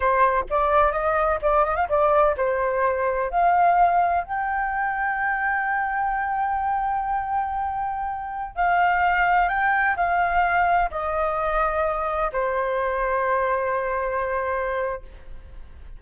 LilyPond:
\new Staff \with { instrumentName = "flute" } { \time 4/4 \tempo 4 = 128 c''4 d''4 dis''4 d''8 dis''16 f''16 | d''4 c''2 f''4~ | f''4 g''2.~ | g''1~ |
g''2~ g''16 f''4.~ f''16~ | f''16 g''4 f''2 dis''8.~ | dis''2~ dis''16 c''4.~ c''16~ | c''1 | }